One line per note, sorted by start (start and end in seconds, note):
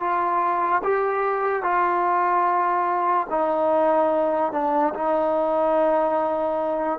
0.00 0.82 F4
0.84 1.63 G4
1.63 3.27 F4
3.30 4.53 D#4
4.53 4.94 D4
4.95 6.99 D#4